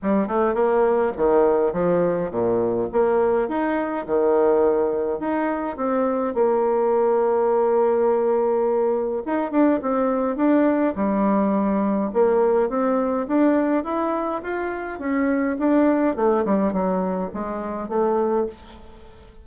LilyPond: \new Staff \with { instrumentName = "bassoon" } { \time 4/4 \tempo 4 = 104 g8 a8 ais4 dis4 f4 | ais,4 ais4 dis'4 dis4~ | dis4 dis'4 c'4 ais4~ | ais1 |
dis'8 d'8 c'4 d'4 g4~ | g4 ais4 c'4 d'4 | e'4 f'4 cis'4 d'4 | a8 g8 fis4 gis4 a4 | }